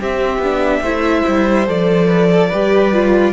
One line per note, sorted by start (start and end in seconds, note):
0.00 0.43 C4
0.00 0.38 C4
0.00 0.82 G4
0.00 1.68 E5
0.38 0.80 B3
0.38 0.84 D4
0.82 1.23 A3
0.82 1.67 E4
0.82 2.07 C5
1.28 1.68 G3
1.67 2.52 F3
1.67 2.50 A4
1.67 3.33 D5
2.07 2.28 B4
2.31 2.49 A4
2.49 3.33 G3
2.49 2.93 G4
2.49 3.32 B4
2.93 3.33 F4